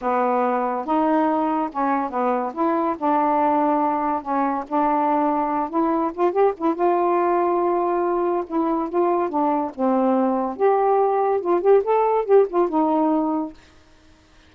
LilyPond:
\new Staff \with { instrumentName = "saxophone" } { \time 4/4 \tempo 4 = 142 b2 dis'2 | cis'4 b4 e'4 d'4~ | d'2 cis'4 d'4~ | d'4. e'4 f'8 g'8 e'8 |
f'1 | e'4 f'4 d'4 c'4~ | c'4 g'2 f'8 g'8 | a'4 g'8 f'8 dis'2 | }